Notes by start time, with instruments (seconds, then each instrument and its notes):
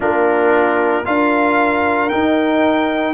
0.00 tuba A#3, trombone D4, horn F4, trumpet A#4
1.04 tuba D4, trombone F4, horn A#4, trumpet F5
2.09 trombone D#4, tuba D#4, trumpet G5